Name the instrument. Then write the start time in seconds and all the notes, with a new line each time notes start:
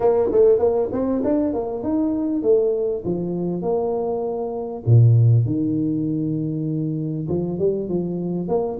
tuba
0.00 A#3
0.31 A3
0.59 A#3
0.92 C4
1.24 D4
1.53 A#3
1.83 D#4
2.42 A3
3.04 F3
3.62 A#3
4.86 A#2
5.45 D#3
7.28 F3
7.58 G3
7.88 F3
8.48 A#3